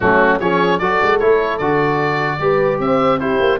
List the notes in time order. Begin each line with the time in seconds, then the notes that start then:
0.00 F#3 A3 C#4 F#4
0.39 F3 C#4 G#4 C#5
0.78 F#3 F#4 A4 D5
1.01 G#3
1.19 A3 E4 C#5
1.58 D3 F#4 D5
2.39 G3 G4 B4
2.79 C4 C5 E5
3.19 E4 G4 C5
3.39 A#3